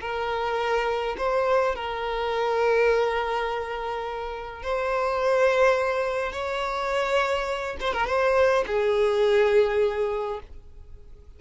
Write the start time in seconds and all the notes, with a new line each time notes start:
0.00 A#4
1.17 C5
1.75 A#4
4.63 C5
6.32 C#5
7.80 C5
7.93 A#4
8.06 C5
8.66 G#4